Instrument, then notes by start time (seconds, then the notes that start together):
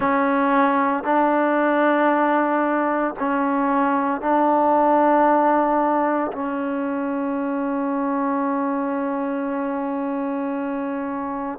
trombone
0.00 C#4
1.03 D4
3.19 C#4
4.21 D4
6.32 C#4